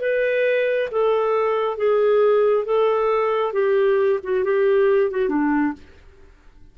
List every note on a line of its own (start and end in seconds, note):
0.00 0.89 B4
0.91 1.77 A4
1.77 2.65 G#4
2.65 3.53 A4
3.53 4.19 G4
4.23 4.44 F#4
4.44 5.11 G4
5.11 5.29 F#4
5.29 5.73 D4